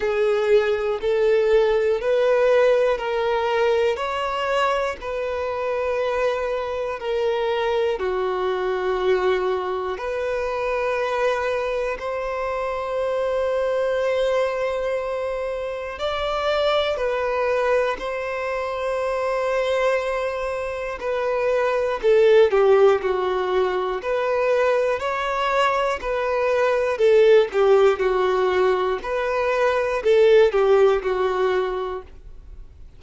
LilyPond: \new Staff \with { instrumentName = "violin" } { \time 4/4 \tempo 4 = 60 gis'4 a'4 b'4 ais'4 | cis''4 b'2 ais'4 | fis'2 b'2 | c''1 |
d''4 b'4 c''2~ | c''4 b'4 a'8 g'8 fis'4 | b'4 cis''4 b'4 a'8 g'8 | fis'4 b'4 a'8 g'8 fis'4 | }